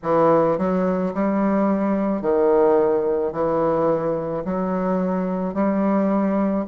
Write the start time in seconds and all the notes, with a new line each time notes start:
0.03 E3
0.58 F#3
1.14 G3
2.21 D#3
3.32 E3
4.44 F#3
5.54 G3